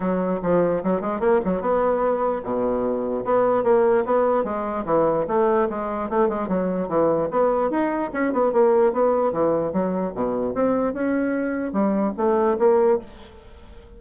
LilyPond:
\new Staff \with { instrumentName = "bassoon" } { \time 4/4 \tempo 4 = 148 fis4 f4 fis8 gis8 ais8 fis8 | b2 b,2 | b4 ais4 b4 gis4 | e4 a4 gis4 a8 gis8 |
fis4 e4 b4 dis'4 | cis'8 b8 ais4 b4 e4 | fis4 b,4 c'4 cis'4~ | cis'4 g4 a4 ais4 | }